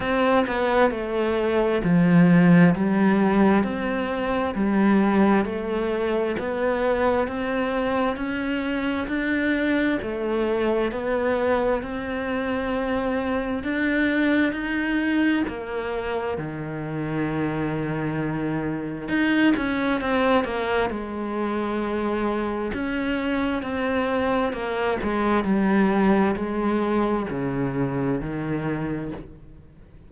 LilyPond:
\new Staff \with { instrumentName = "cello" } { \time 4/4 \tempo 4 = 66 c'8 b8 a4 f4 g4 | c'4 g4 a4 b4 | c'4 cis'4 d'4 a4 | b4 c'2 d'4 |
dis'4 ais4 dis2~ | dis4 dis'8 cis'8 c'8 ais8 gis4~ | gis4 cis'4 c'4 ais8 gis8 | g4 gis4 cis4 dis4 | }